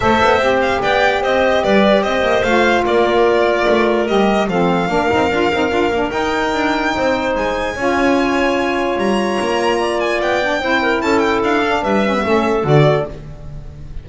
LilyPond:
<<
  \new Staff \with { instrumentName = "violin" } { \time 4/4 \tempo 4 = 147 e''4. f''8 g''4 dis''4 | d''4 dis''4 f''4 d''4~ | d''2 dis''4 f''4~ | f''2. g''4~ |
g''2 gis''2~ | gis''2 ais''2~ | ais''8 gis''8 g''2 a''8 g''8 | f''4 e''2 d''4 | }
  \new Staff \with { instrumentName = "clarinet" } { \time 4/4 c''2 d''4 c''4 | b'4 c''2 ais'4~ | ais'2. a'4 | ais'1~ |
ais'4 c''2 cis''4~ | cis''1 | d''2 c''8 ais'8 a'4~ | a'4 b'4 a'2 | }
  \new Staff \with { instrumentName = "saxophone" } { \time 4/4 a'4 g'2.~ | g'2 f'2~ | f'2 g'4 c'4 | d'8 dis'8 f'8 dis'8 f'8 d'8 dis'4~ |
dis'2. f'4~ | f'1~ | f'4. d'8 e'2~ | e'8 d'4 cis'16 b16 cis'4 fis'4 | }
  \new Staff \with { instrumentName = "double bass" } { \time 4/4 a8 b8 c'4 b4 c'4 | g4 c'8 ais8 a4 ais4~ | ais4 a4 g4 f4 | ais8 c'8 d'8 c'8 d'8 ais8 dis'4 |
d'4 c'4 gis4 cis'4~ | cis'2 g4 ais4~ | ais4 b4 c'4 cis'4 | d'4 g4 a4 d4 | }
>>